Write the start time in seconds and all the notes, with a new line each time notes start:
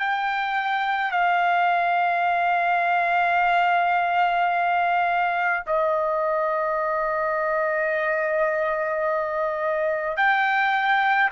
0.00 G5
1.12 F5
5.67 D#5
10.17 G5